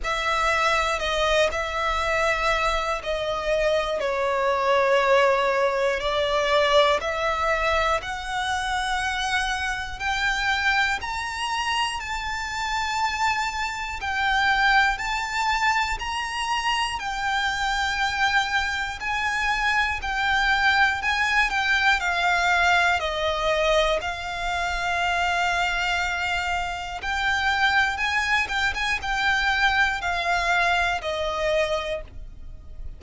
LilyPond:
\new Staff \with { instrumentName = "violin" } { \time 4/4 \tempo 4 = 60 e''4 dis''8 e''4. dis''4 | cis''2 d''4 e''4 | fis''2 g''4 ais''4 | a''2 g''4 a''4 |
ais''4 g''2 gis''4 | g''4 gis''8 g''8 f''4 dis''4 | f''2. g''4 | gis''8 g''16 gis''16 g''4 f''4 dis''4 | }